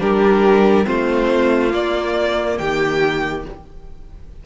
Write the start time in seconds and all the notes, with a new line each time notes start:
0.00 G3 D4 G4 A#4
0.85 A3 C4 F4 C5
1.71 A#3 D5
2.58 D#3 G4 G5